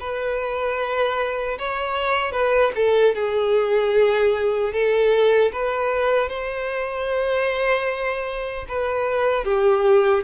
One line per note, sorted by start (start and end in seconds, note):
0.00 1.58 B4
1.58 2.32 C#5
2.32 2.71 B4
2.75 3.14 A4
3.15 4.73 G#4
4.73 5.52 A4
5.52 6.28 B4
6.28 8.65 C5
8.68 9.44 B4
9.44 10.23 G4